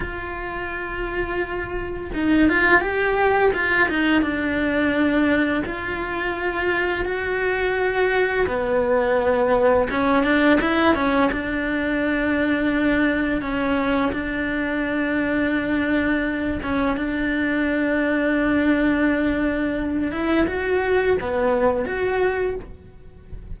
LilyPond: \new Staff \with { instrumentName = "cello" } { \time 4/4 \tempo 4 = 85 f'2. dis'8 f'8 | g'4 f'8 dis'8 d'2 | f'2 fis'2 | b2 cis'8 d'8 e'8 cis'8 |
d'2. cis'4 | d'2.~ d'8 cis'8 | d'1~ | d'8 e'8 fis'4 b4 fis'4 | }